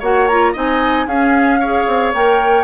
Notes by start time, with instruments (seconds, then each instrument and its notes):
0.00 bassoon A#3, clarinet F#4, oboe C#5, flute F#5
0.28 clarinet F4, flute A#5
0.53 bassoon C4, clarinet D#4, oboe D#5, flute G#5
1.07 bassoon C#4, clarinet C#4, oboe G#4, flute F5
1.60 clarinet G#4, oboe C#5
1.87 bassoon C4
2.13 bassoon A#3, clarinet A#4, flute G5